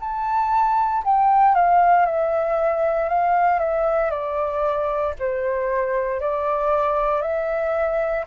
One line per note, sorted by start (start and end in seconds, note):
0.00 1.03 A5
1.05 1.55 G5
1.55 2.05 F5
2.05 3.09 E5
3.09 3.59 F5
3.59 4.11 E5
4.11 5.14 D5
5.19 6.21 C5
6.21 7.22 D5
7.22 8.25 E5